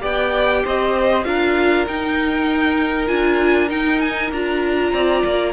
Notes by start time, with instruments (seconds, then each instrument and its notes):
0.00 cello B3, viola G4, violin D5 G5
0.64 cello C4, violin C5 D#5
1.24 cello D4, viola F4, violin A#4 F5
1.86 viola D#4, cello D#4, violin G5
3.06 cello D4, viola F4, violin G#5
3.68 viola D#4, cello D#4, violin G5
4.00 violin G#5
4.31 cello D4, viola F4, violin A#5
4.92 cello C4, violin D5
5.24 cello A#3